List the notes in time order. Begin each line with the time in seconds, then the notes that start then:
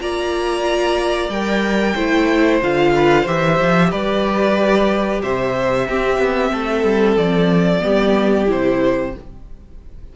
0.00 A#3 F4 D5 A#5
1.29 G3 A#4 G5
1.95 A3 E4 C5
2.62 D3 F4 F5
2.95 B4
3.22 E3 G4 C5 E5
3.61 F3
3.91 G3 B4 D5
5.23 C3 C5 E5
5.89 C4 G4
6.18 B3
6.52 A3 A4
6.84 G3
7.17 F3 D5
7.81 G3 B3 G4
8.46 C3 E4 C5